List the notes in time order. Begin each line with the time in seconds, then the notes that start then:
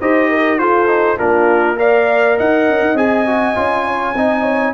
0.00 D#4 G4 C5 D#5
0.29 A#4
0.58 F4 A4 C5
0.87 D#4
1.17 A#3 D4 F4 A#4
1.76 A#4 D5 F5
2.38 D#4 D#5 F#5
2.69 C#4
2.81 D#4
2.93 C4 G#4 G#5
3.26 F#4
3.55 C#4 F4
3.85 C#5
4.14 C4 D#4 D#5
4.42 C#5